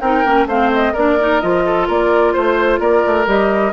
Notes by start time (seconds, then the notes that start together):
0.00 C4 D#4 A#4 G5
0.25 A#3 C#4
0.46 A3 C4 C5 F5
0.73 D#5
0.93 A#3 D4 A#4 D5
1.19 D#4
1.40 F3 F4 D#5
1.66 A4
1.87 A#3 A#4 D5
2.33 A3 C5
2.79 A#3 A#4 D5
3.06 A3
3.26 G3 G4 D#5